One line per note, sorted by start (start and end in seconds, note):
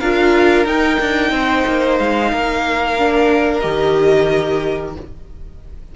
0.00 0.65 D4
0.00 0.67 F4
0.00 1.32 A#4
0.00 0.66 F5
0.65 0.98 D#4
0.65 2.98 D#4
0.65 1.99 G5
1.01 1.31 D4
1.31 1.64 C4
1.31 2.31 C5
1.67 2.00 A#3
1.99 2.33 G#3
1.99 3.60 F5
2.31 3.64 A#3
2.31 4.95 A#4
2.99 3.62 D4
3.60 4.96 D#3
3.60 4.94 G4
3.60 4.92 D#5